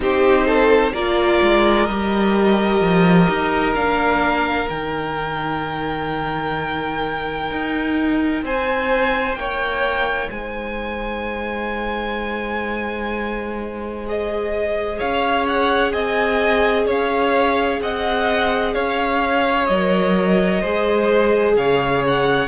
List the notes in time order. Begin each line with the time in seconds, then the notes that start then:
0.00 C4 D#4 G4 C5
0.46 A4
0.92 A#3 F4 A#4 D5
1.41 G#3
1.85 G3 G4 D#5
2.80 F3
3.29 D#4
3.74 A#3 D4 F5
4.67 D#3 D#4 G5
7.50 D#4
8.43 C4 C5 G#5
9.35 A#3 C#5 G5
10.30 G#3 C5 G#5
14.06 G#4 D#5
14.98 C#4 C#5 F5
15.47 F#5
15.92 C4 D#5 G#5
16.86 C#4 C#5 F5
17.80 C4 D#5 F#5
18.74 C#4 C#5 F5
19.66 F#3 A#4 D#5
20.60 G#3 G#4 C5
21.56 C#3 C#5 F5
22.07 F#5